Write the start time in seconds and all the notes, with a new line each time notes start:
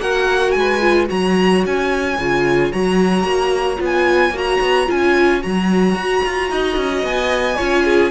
0.00 A#3 F#4 A#4 F#5
0.51 G#3 G#5
0.59 B4
0.80 F4
1.07 F#3 F#4 C#5 A#5
1.66 C#4 G#5
2.18 C#3 F4
2.72 F#3 F#4 A#5
3.24 A#3
3.77 B3 F4
3.85 G#5
4.30 A#3 F#4
4.38 A#5
4.61 B3
4.87 C#4 F4 G#5
5.41 F#3 F#4 A#5
5.95 F#4
6.25 F4
6.50 D#4 D#5
6.76 C#4
7.02 B3 G#5
7.56 C#4 F4 C#5
7.84 G#4